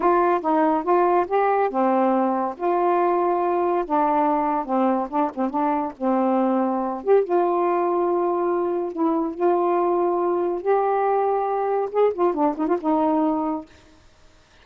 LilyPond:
\new Staff \with { instrumentName = "saxophone" } { \time 4/4 \tempo 4 = 141 f'4 dis'4 f'4 g'4 | c'2 f'2~ | f'4 d'2 c'4 | d'8 c'8 d'4 c'2~ |
c'8 g'8 f'2.~ | f'4 e'4 f'2~ | f'4 g'2. | gis'8 f'8 d'8 dis'16 f'16 dis'2 | }